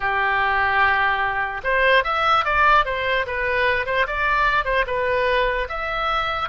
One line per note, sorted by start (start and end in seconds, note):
0.00 1.61 G4
1.63 2.03 C5
2.04 2.44 E5
2.44 2.85 D5
2.85 3.25 C5
3.26 3.86 B4
3.86 4.06 C5
4.07 4.64 D5
4.64 4.85 C5
4.86 5.68 B4
5.68 6.49 E5